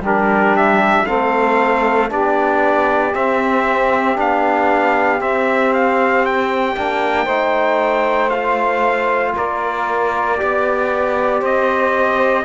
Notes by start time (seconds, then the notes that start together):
0.00 G3 D4 G4
0.06 A#4
0.56 E5
1.06 A3 C4 A4 F5
2.10 B3 D4 G4 D5
3.14 C4 E5
4.16 B3 D4 F5
5.20 C4 E5
5.74 F5
6.26 G5
6.76 A#3 D4
7.25 A3 D#4 C5
8.30 F4 F5
9.36 A#3 A#4 D5
10.38 B3 G4 D5
11.41 C4 C5 D#5